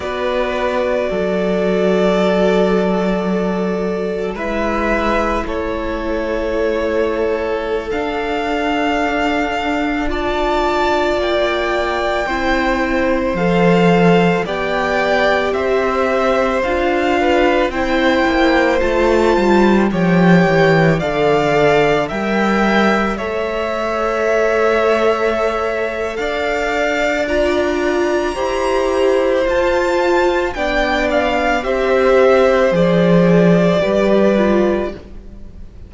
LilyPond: <<
  \new Staff \with { instrumentName = "violin" } { \time 4/4 \tempo 4 = 55 d''1 | e''4 cis''2~ cis''16 f''8.~ | f''4~ f''16 a''4 g''4.~ g''16~ | g''16 f''4 g''4 e''4 f''8.~ |
f''16 g''4 a''4 g''4 f''8.~ | f''16 g''4 e''2~ e''8. | f''4 ais''2 a''4 | g''8 f''8 e''4 d''2 | }
  \new Staff \with { instrumentName = "violin" } { \time 4/4 b'4 a'2. | b'4 a'2.~ | a'4~ a'16 d''2 c''8.~ | c''4~ c''16 d''4 c''4. b'16~ |
b'16 c''2 cis''4 d''8.~ | d''16 e''4 cis''2~ cis''8. | d''2 c''2 | d''4 c''2 b'4 | }
  \new Staff \with { instrumentName = "viola" } { \time 4/4 fis'1 | e'2.~ e'16 d'8.~ | d'4~ d'16 f'2 e'8.~ | e'16 a'4 g'2 f'8.~ |
f'16 e'4 f'4 g'4 a'8.~ | a'16 ais'4 a'2~ a'8.~ | a'4 f'4 g'4 f'4 | d'4 g'4 gis'4 g'8 f'8 | }
  \new Staff \with { instrumentName = "cello" } { \time 4/4 b4 fis2. | gis4 a2~ a16 d'8.~ | d'2~ d'16 ais4 c'8.~ | c'16 f4 b4 c'4 d'8.~ |
d'16 c'8 ais8 a8 g8 f8 e8 d8.~ | d16 g4 a2~ a8. | d'2 e'4 f'4 | b4 c'4 f4 g4 | }
>>